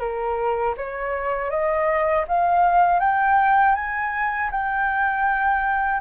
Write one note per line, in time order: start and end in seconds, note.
0.00 0.75 A#4
0.77 1.50 C#5
1.50 2.25 D#5
2.28 3.00 F5
3.00 3.75 G5
3.75 4.50 G#5
4.51 6.01 G5